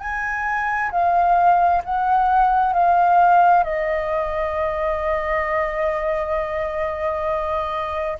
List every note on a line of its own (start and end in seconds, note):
0.00 0.91 G#5
0.91 1.82 F5
1.84 2.74 F#5
2.74 3.64 F5
3.64 8.18 D#5